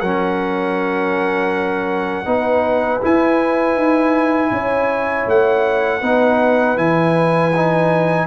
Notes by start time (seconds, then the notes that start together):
0.00 F#3 C#4 A#4 F#5
2.25 B3 D#4 B4
3.02 E4 G#5
3.76 D#4
4.51 C#4 C#5
5.27 A3 F#5
6.01 B3 D#4 B4
6.76 E3 E4 G#5
7.56 D#4